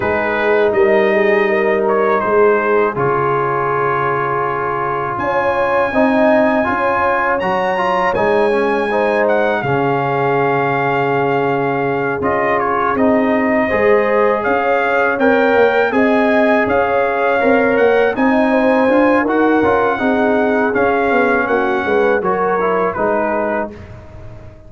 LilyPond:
<<
  \new Staff \with { instrumentName = "trumpet" } { \time 4/4 \tempo 4 = 81 b'4 dis''4. cis''8 c''4 | cis''2. gis''4~ | gis''2 ais''4 gis''4~ | gis''8 fis''8 f''2.~ |
f''8 dis''8 cis''8 dis''2 f''8~ | f''8 g''4 gis''4 f''4. | fis''8 gis''4. fis''2 | f''4 fis''4 cis''4 b'4 | }
  \new Staff \with { instrumentName = "horn" } { \time 4/4 gis'4 ais'8 gis'8 ais'4 gis'4~ | gis'2. cis''4 | dis''4 cis''2. | c''4 gis'2.~ |
gis'2~ gis'8 c''4 cis''8~ | cis''4. dis''4 cis''4.~ | cis''8 dis''8 c''4 ais'4 gis'4~ | gis'4 fis'8 b'8 ais'4 gis'4 | }
  \new Staff \with { instrumentName = "trombone" } { \time 4/4 dis'1 | f'1 | dis'4 f'4 fis'8 f'8 dis'8 cis'8 | dis'4 cis'2.~ |
cis'8 f'4 dis'4 gis'4.~ | gis'8 ais'4 gis'2 ais'8~ | ais'8 dis'4 f'8 fis'8 f'8 dis'4 | cis'2 fis'8 e'8 dis'4 | }
  \new Staff \with { instrumentName = "tuba" } { \time 4/4 gis4 g2 gis4 | cis2. cis'4 | c'4 cis'4 fis4 gis4~ | gis4 cis2.~ |
cis8 cis'4 c'4 gis4 cis'8~ | cis'8 c'8 ais8 c'4 cis'4 c'8 | ais8 c'4 d'8 dis'8 cis'8 c'4 | cis'8 b8 ais8 gis8 fis4 gis4 | }
>>